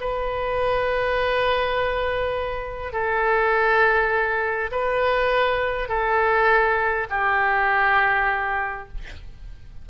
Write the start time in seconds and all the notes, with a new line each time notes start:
0.00 B4
2.92 A4
4.71 B4
5.88 A4
7.10 G4